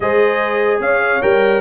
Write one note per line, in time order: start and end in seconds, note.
0.00 0.79 G#3
0.00 1.22 G#4
0.00 0.82 C5
0.00 0.80 D#5
0.79 1.20 C#4
0.79 1.61 C#5
0.79 1.21 F5
1.22 1.61 G3
1.22 1.61 A#4
1.22 1.61 G5